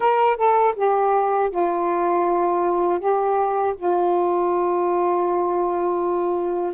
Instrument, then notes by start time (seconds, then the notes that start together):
saxophone
0.00 A#4
0.36 A4
0.75 G4
1.50 F4
2.99 G4
3.76 F4